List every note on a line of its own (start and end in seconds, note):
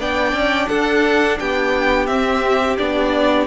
0.00 0.33 B3
0.00 2.08 D4
0.00 0.69 D5
0.00 0.68 G5
0.33 0.68 C#4
0.68 1.40 D4
0.68 1.39 A4
0.68 1.38 F#5
1.39 2.08 B3
1.39 3.48 G4
1.39 2.07 G5
2.07 2.78 C4
2.07 2.76 E5
2.78 3.48 B3
2.78 3.48 D4
2.78 3.48 D5